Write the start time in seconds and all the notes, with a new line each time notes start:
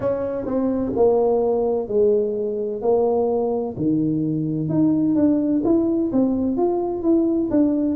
0.00 C#4
0.45 C4
0.95 A#3
1.87 G#3
2.81 A#3
3.76 D#3
4.68 D#4
5.15 D4
5.64 E4
6.12 C4
6.56 F4
7.02 E4
7.50 D4